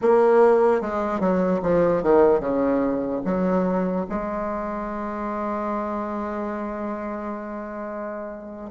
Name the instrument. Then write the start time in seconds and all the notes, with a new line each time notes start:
bassoon
0.01 A#3
0.81 G#3
1.20 F#3
1.62 F3
2.03 D#3
2.40 C#3
3.24 F#3
4.09 G#3